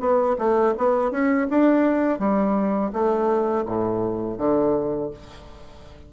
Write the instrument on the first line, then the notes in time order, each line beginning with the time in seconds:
bassoon
0.00 B3
0.38 A3
0.78 B3
1.11 C#4
1.50 D4
2.19 G3
2.93 A3
3.65 A2
4.38 D3